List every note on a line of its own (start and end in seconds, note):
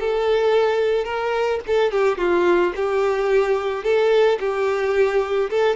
0.00 1.05 A4
1.05 1.60 A#4
1.67 1.91 A4
1.91 2.18 G4
2.18 2.73 F4
2.76 3.84 G4
3.84 4.39 A4
4.40 5.50 G4
5.50 5.76 A4